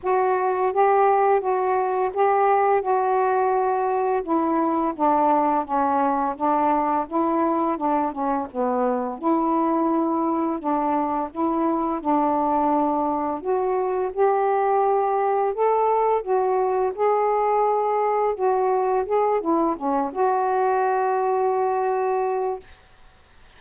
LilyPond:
\new Staff \with { instrumentName = "saxophone" } { \time 4/4 \tempo 4 = 85 fis'4 g'4 fis'4 g'4 | fis'2 e'4 d'4 | cis'4 d'4 e'4 d'8 cis'8 | b4 e'2 d'4 |
e'4 d'2 fis'4 | g'2 a'4 fis'4 | gis'2 fis'4 gis'8 e'8 | cis'8 fis'2.~ fis'8 | }